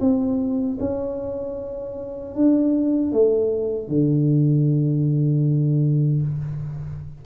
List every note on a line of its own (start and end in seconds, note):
0.00 0.78 C4
0.80 2.35 C#4
2.35 3.12 D4
3.12 3.88 A3
3.88 6.22 D3